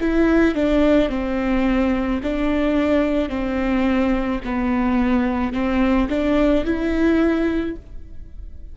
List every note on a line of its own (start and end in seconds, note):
0.00 0.55 E4
0.55 1.09 D4
1.09 2.20 C4
2.23 3.29 D4
3.29 4.40 C4
4.44 5.53 B3
5.53 6.08 C4
6.09 6.65 D4
6.65 7.76 E4